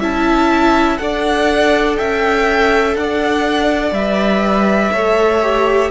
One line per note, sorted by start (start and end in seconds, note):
0.00 0.99 C#4
0.00 0.99 E4
0.00 0.98 E5
0.00 0.98 A5
0.98 1.99 D4
0.98 3.94 A4
0.98 1.99 D5
0.98 1.97 F#5
1.97 2.96 C#4
1.97 2.97 E5
1.97 2.95 G5
2.96 3.92 D4
2.96 4.93 D5
2.96 3.94 F#5
3.92 4.90 G3
3.92 4.94 B4
3.92 5.91 E5
4.93 5.91 A3
4.93 5.42 A4
4.93 5.91 C#5
5.42 5.91 G4